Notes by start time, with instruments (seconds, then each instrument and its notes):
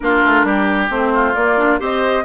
0.00 bassoon A#3, clarinet D4, oboe F4, flute A#4
0.25 bassoon A3
0.43 bassoon G3, oboe G4
0.90 bassoon A3, clarinet C4, flute C5
1.14 oboe F4
1.34 clarinet A#3, bassoon A#3, flute D5
1.57 clarinet D4
1.79 bassoon C4, clarinet G4, oboe C5, flute D#5